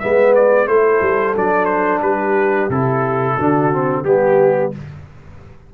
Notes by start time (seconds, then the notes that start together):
0.00 G#3 B3 B4 E5
0.36 D5
0.68 A3 E4 A4 C5
1.02 G3
1.36 F#3 D4 D5
1.65 C5
2.02 G3 G4 B4
2.69 C3 E4 A4
3.36 D3 D4 F#4
3.72 C4
4.05 G3 B3 G4